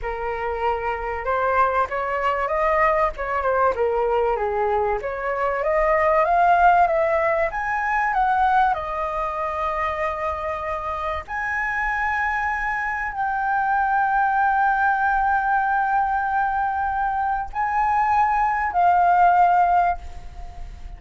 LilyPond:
\new Staff \with { instrumentName = "flute" } { \time 4/4 \tempo 4 = 96 ais'2 c''4 cis''4 | dis''4 cis''8 c''8 ais'4 gis'4 | cis''4 dis''4 f''4 e''4 | gis''4 fis''4 dis''2~ |
dis''2 gis''2~ | gis''4 g''2.~ | g''1 | gis''2 f''2 | }